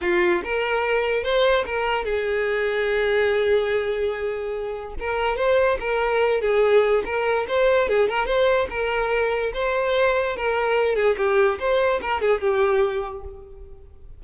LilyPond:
\new Staff \with { instrumentName = "violin" } { \time 4/4 \tempo 4 = 145 f'4 ais'2 c''4 | ais'4 gis'2.~ | gis'1 | ais'4 c''4 ais'4. gis'8~ |
gis'4 ais'4 c''4 gis'8 ais'8 | c''4 ais'2 c''4~ | c''4 ais'4. gis'8 g'4 | c''4 ais'8 gis'8 g'2 | }